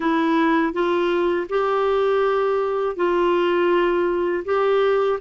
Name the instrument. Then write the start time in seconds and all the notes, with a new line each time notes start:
clarinet
0.00 E4
0.73 F4
1.48 G4
2.96 F4
4.44 G4